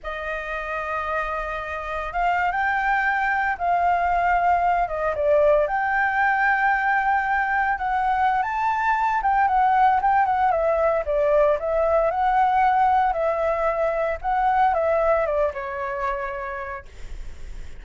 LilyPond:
\new Staff \with { instrumentName = "flute" } { \time 4/4 \tempo 4 = 114 dis''1 | f''8. g''2 f''4~ f''16~ | f''4~ f''16 dis''8 d''4 g''4~ g''16~ | g''2~ g''8. fis''4~ fis''16 |
a''4. g''8 fis''4 g''8 fis''8 | e''4 d''4 e''4 fis''4~ | fis''4 e''2 fis''4 | e''4 d''8 cis''2~ cis''8 | }